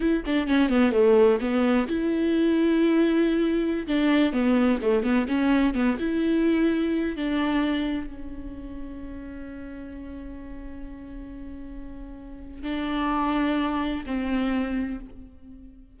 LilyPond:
\new Staff \with { instrumentName = "viola" } { \time 4/4 \tempo 4 = 128 e'8 d'8 cis'8 b8 a4 b4 | e'1~ | e'16 d'4 b4 a8 b8 cis'8.~ | cis'16 b8 e'2~ e'8 d'8.~ |
d'4~ d'16 cis'2~ cis'8.~ | cis'1~ | cis'2. d'4~ | d'2 c'2 | }